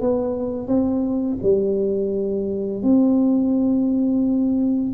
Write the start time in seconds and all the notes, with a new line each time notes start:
0.00 B3
0.67 C4
1.42 G3
2.82 C4